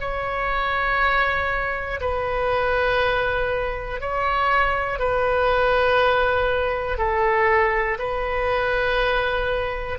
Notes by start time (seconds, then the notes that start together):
0.00 C#5
2.00 B4
4.00 C#5
4.99 B4
6.97 A4
7.99 B4